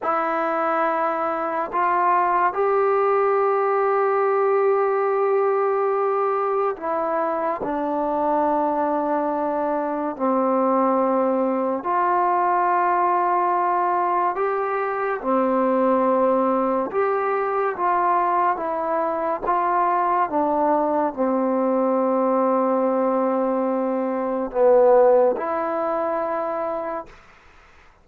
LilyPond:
\new Staff \with { instrumentName = "trombone" } { \time 4/4 \tempo 4 = 71 e'2 f'4 g'4~ | g'1 | e'4 d'2. | c'2 f'2~ |
f'4 g'4 c'2 | g'4 f'4 e'4 f'4 | d'4 c'2.~ | c'4 b4 e'2 | }